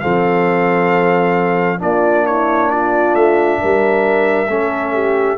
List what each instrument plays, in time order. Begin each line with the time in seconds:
0.00 tuba F3, trombone C4, horn A4, trumpet F5
1.78 tuba A#3, trombone D4, horn F4, trumpet D5
2.26 horn E4, trumpet C#5
2.70 horn F4, trumpet D5
3.14 tuba A3, trumpet E5
3.60 tuba G3, horn A#4
4.48 tuba A3, trombone C#4, horn A4
4.93 horn G4